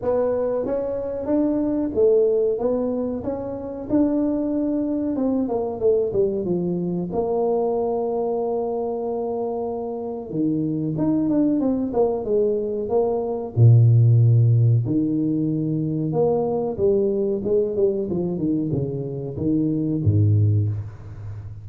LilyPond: \new Staff \with { instrumentName = "tuba" } { \time 4/4 \tempo 4 = 93 b4 cis'4 d'4 a4 | b4 cis'4 d'2 | c'8 ais8 a8 g8 f4 ais4~ | ais1 |
dis4 dis'8 d'8 c'8 ais8 gis4 | ais4 ais,2 dis4~ | dis4 ais4 g4 gis8 g8 | f8 dis8 cis4 dis4 gis,4 | }